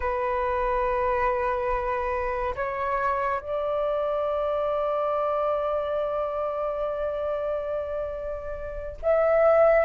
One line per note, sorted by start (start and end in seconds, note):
0.00 2.54 B4
2.55 3.40 C#5
3.40 8.97 D5
9.02 9.85 E5